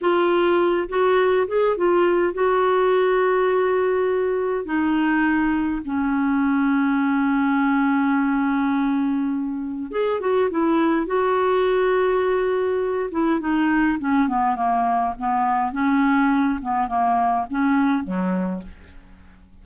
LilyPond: \new Staff \with { instrumentName = "clarinet" } { \time 4/4 \tempo 4 = 103 f'4. fis'4 gis'8 f'4 | fis'1 | dis'2 cis'2~ | cis'1~ |
cis'4 gis'8 fis'8 e'4 fis'4~ | fis'2~ fis'8 e'8 dis'4 | cis'8 b8 ais4 b4 cis'4~ | cis'8 b8 ais4 cis'4 fis4 | }